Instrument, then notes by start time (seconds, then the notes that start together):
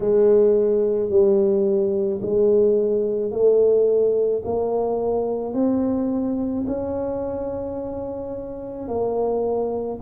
tuba
0.00 G#3
1.09 G3
2.22 G#3
3.31 A3
4.44 A#3
5.53 C4
6.67 C#4
8.88 A#3